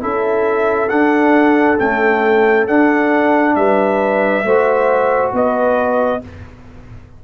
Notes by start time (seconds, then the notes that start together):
0.00 C#4 E4 A4 E5
0.89 D4 F#5
1.79 A3 C#4 G5
2.67 D4 F#5
3.55 G3 B4 E5
4.43 A3 F#4 C5
5.33 B3 B4 D#5